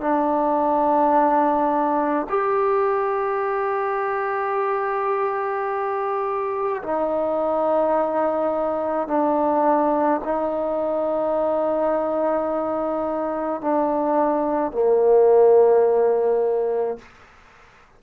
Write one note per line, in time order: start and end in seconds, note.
0.00 2.26 D4
2.29 6.82 G4
6.82 9.07 D#4
9.07 10.20 D4
10.24 13.61 D#4
13.61 14.72 D4
14.72 16.98 A#3